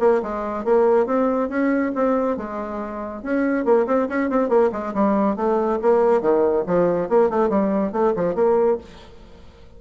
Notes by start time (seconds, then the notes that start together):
0.00 A#3
0.23 G#3
0.65 A#3
1.06 C4
1.49 C#4
1.95 C4
2.37 G#3
3.23 C#4
3.65 A#3
3.87 C4
4.09 C#4
4.30 C4
4.49 A#3
4.72 G#3
4.94 G3
5.36 A3
5.82 A#3
6.22 D#3
6.67 F3
7.09 A#3
7.30 A3
7.50 G3
7.92 A3
8.16 F3
8.35 A#3